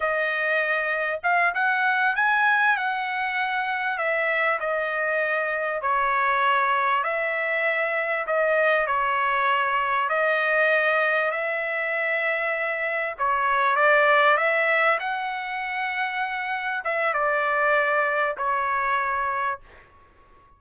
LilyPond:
\new Staff \with { instrumentName = "trumpet" } { \time 4/4 \tempo 4 = 98 dis''2 f''8 fis''4 gis''8~ | gis''8 fis''2 e''4 dis''8~ | dis''4. cis''2 e''8~ | e''4. dis''4 cis''4.~ |
cis''8 dis''2 e''4.~ | e''4. cis''4 d''4 e''8~ | e''8 fis''2. e''8 | d''2 cis''2 | }